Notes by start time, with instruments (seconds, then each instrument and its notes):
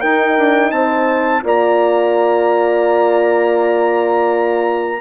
0.00 bassoon D#4, horn D#4 A#4, trumpet G5
0.38 bassoon D4
0.71 bassoon C4, horn C5, trumpet A5
1.42 bassoon A#3, horn F4 D5, trumpet A#5